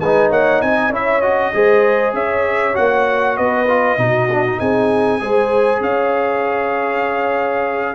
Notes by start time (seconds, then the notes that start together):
0.00 G#3 D#4 B4 G#5
0.30 A#3 C#5 F#5
0.61 C4 D#5 G#5
0.90 C#4 E4 C#5 E5
1.21 F#4 D#5
1.54 G#3 G#4 C5
2.14 C#4 C#5 E5
2.74 A#3 F#4 F#5
3.37 B3 B4 D#5
3.68 F4
3.97 B2 D#4 F#4
4.31 D4
4.46 D#4
4.59 C4 G#4 G#5
5.20 G#3 G#4 C5
5.80 C#4 C#5 F5